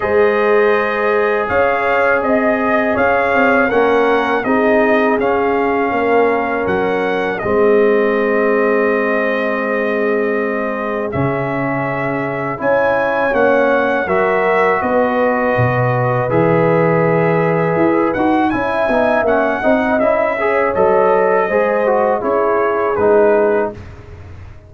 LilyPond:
<<
  \new Staff \with { instrumentName = "trumpet" } { \time 4/4 \tempo 4 = 81 dis''2 f''4 dis''4 | f''4 fis''4 dis''4 f''4~ | f''4 fis''4 dis''2~ | dis''2. e''4~ |
e''4 gis''4 fis''4 e''4 | dis''2 e''2~ | e''8 fis''8 gis''4 fis''4 e''4 | dis''2 cis''4 b'4 | }
  \new Staff \with { instrumentName = "horn" } { \time 4/4 c''2 cis''4 dis''4 | cis''4 ais'4 gis'2 | ais'2 gis'2~ | gis'1~ |
gis'4 cis''2 ais'4 | b'1~ | b'4 e''4. dis''4 cis''8~ | cis''4 c''4 gis'2 | }
  \new Staff \with { instrumentName = "trombone" } { \time 4/4 gis'1~ | gis'4 cis'4 dis'4 cis'4~ | cis'2 c'2~ | c'2. cis'4~ |
cis'4 e'4 cis'4 fis'4~ | fis'2 gis'2~ | gis'8 fis'8 e'8 dis'8 cis'8 dis'8 e'8 gis'8 | a'4 gis'8 fis'8 e'4 dis'4 | }
  \new Staff \with { instrumentName = "tuba" } { \time 4/4 gis2 cis'4 c'4 | cis'8 c'8 ais4 c'4 cis'4 | ais4 fis4 gis2~ | gis2. cis4~ |
cis4 cis'4 ais4 fis4 | b4 b,4 e2 | e'8 dis'8 cis'8 b8 ais8 c'8 cis'4 | fis4 gis4 cis'4 gis4 | }
>>